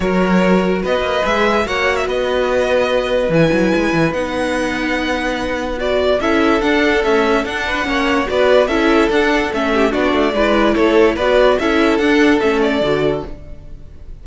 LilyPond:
<<
  \new Staff \with { instrumentName = "violin" } { \time 4/4 \tempo 4 = 145 cis''2 dis''4 e''4 | fis''8. e''16 dis''2. | gis''2 fis''2~ | fis''2 d''4 e''4 |
fis''4 e''4 fis''2 | d''4 e''4 fis''4 e''4 | d''2 cis''4 d''4 | e''4 fis''4 e''8 d''4. | }
  \new Staff \with { instrumentName = "violin" } { \time 4/4 ais'2 b'2 | cis''4 b'2.~ | b'1~ | b'2. a'4~ |
a'2~ a'8 b'8 cis''4 | b'4 a'2~ a'8 g'8 | fis'4 b'4 a'4 b'4 | a'1 | }
  \new Staff \with { instrumentName = "viola" } { \time 4/4 fis'2. gis'4 | fis'1 | e'2 dis'2~ | dis'2 fis'4 e'4 |
d'4 a4 d'4 cis'4 | fis'4 e'4 d'4 cis'4 | d'4 e'2 fis'4 | e'4 d'4 cis'4 fis'4 | }
  \new Staff \with { instrumentName = "cello" } { \time 4/4 fis2 b8 ais8 gis4 | ais4 b2. | e8 fis8 gis8 e8 b2~ | b2. cis'4 |
d'4 cis'4 d'4 ais4 | b4 cis'4 d'4 a4 | b8 a8 gis4 a4 b4 | cis'4 d'4 a4 d4 | }
>>